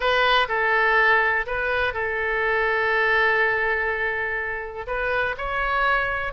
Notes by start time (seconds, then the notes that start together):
0.00 B4
0.48 A4
1.46 B4
1.93 A4
4.86 B4
5.37 C#5